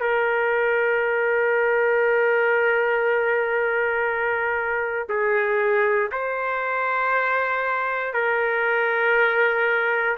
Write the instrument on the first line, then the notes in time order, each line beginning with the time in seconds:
trumpet
0.00 A#4
5.08 G#4
6.11 C5
8.13 A#4